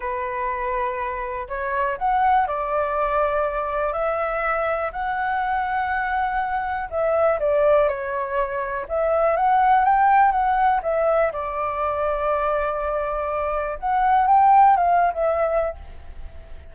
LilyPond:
\new Staff \with { instrumentName = "flute" } { \time 4/4 \tempo 4 = 122 b'2. cis''4 | fis''4 d''2. | e''2 fis''2~ | fis''2 e''4 d''4 |
cis''2 e''4 fis''4 | g''4 fis''4 e''4 d''4~ | d''1 | fis''4 g''4 f''8. e''4~ e''16 | }